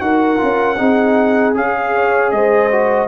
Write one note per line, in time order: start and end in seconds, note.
0.00 0.39 D#4
0.00 0.37 F#4
0.00 0.79 A#4
0.00 1.54 F#5
0.37 0.79 C#4
0.37 0.76 F4
0.78 1.56 C4
0.78 1.54 D#4
0.78 1.94 G#4
1.54 2.32 C#4
1.54 2.70 G#4
1.54 2.31 F5
1.95 2.33 C#5
2.31 3.08 G#3
2.31 3.08 C5
2.31 3.08 D#5
2.72 3.08 F#4